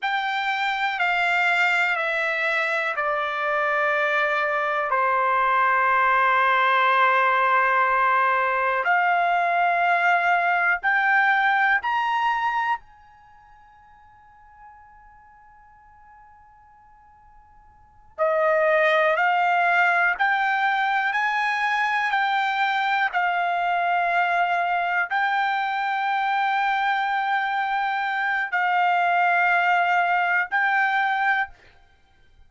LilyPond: \new Staff \with { instrumentName = "trumpet" } { \time 4/4 \tempo 4 = 61 g''4 f''4 e''4 d''4~ | d''4 c''2.~ | c''4 f''2 g''4 | ais''4 gis''2.~ |
gis''2~ gis''8 dis''4 f''8~ | f''8 g''4 gis''4 g''4 f''8~ | f''4. g''2~ g''8~ | g''4 f''2 g''4 | }